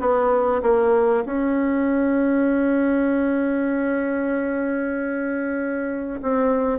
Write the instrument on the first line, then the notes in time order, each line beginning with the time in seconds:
bassoon
0.00 B3
0.62 A#3
1.26 C#4
6.22 C4